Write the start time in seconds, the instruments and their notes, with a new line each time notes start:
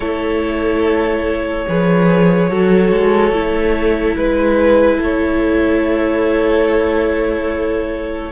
0.00 cello A3, viola E4, violin A4 C#5
1.68 cello F3, viola G#4, violin B4
2.49 cello F#3, viola F#4, violin A4
2.91 cello G#3
3.32 cello A3, viola E4
4.16 cello G#3, violin B4
4.98 cello A3, violin A4 C#5